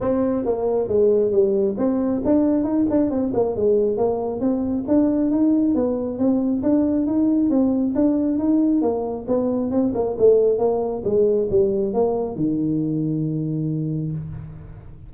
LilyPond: \new Staff \with { instrumentName = "tuba" } { \time 4/4 \tempo 4 = 136 c'4 ais4 gis4 g4 | c'4 d'4 dis'8 d'8 c'8 ais8 | gis4 ais4 c'4 d'4 | dis'4 b4 c'4 d'4 |
dis'4 c'4 d'4 dis'4 | ais4 b4 c'8 ais8 a4 | ais4 gis4 g4 ais4 | dis1 | }